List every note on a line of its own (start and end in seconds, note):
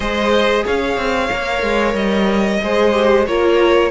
0.00 0.64 G#3
0.00 1.29 G#4
0.00 0.63 C5
0.00 0.65 D#5
0.64 0.97 C#4
0.64 2.60 C#5
0.64 1.95 F5
0.97 1.29 C4
1.31 1.62 A#3
1.31 2.62 A#4
1.62 1.93 G#3
1.93 2.59 G3
1.93 3.25 D#5
2.62 3.28 G#3
2.62 2.93 G#4
2.62 3.28 C5
2.93 3.25 G4
3.26 3.90 A#3
3.26 3.90 F4
3.26 3.90 A#4
3.26 3.90 C#5